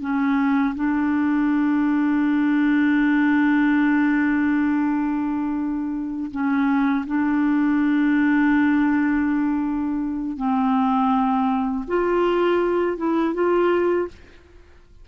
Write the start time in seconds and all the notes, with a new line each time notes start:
0.00 C#4
0.75 D4
6.31 C#4
7.06 D4
10.36 C4
11.87 F4
12.97 E4
13.34 F4